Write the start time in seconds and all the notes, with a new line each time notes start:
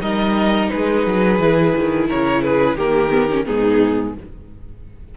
0.00 G3 D#4 A#4 D#5
0.69 G#3 G#4 B4
1.06 F#3
1.39 E3 E4
1.76 D#3
2.09 C#3 A#4 C#5
2.42 G#4 B4
2.76 D#3 A#3 G4 A#4
3.10 B3
3.30 C#4
3.45 G#2 B3 D#4 G#4